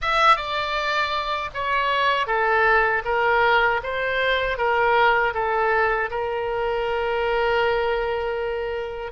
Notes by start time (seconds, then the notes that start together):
0.01 E5
0.36 D5
1.54 C#5
2.26 A4
3.04 A#4
3.83 C5
4.57 A#4
5.34 A4
6.10 A#4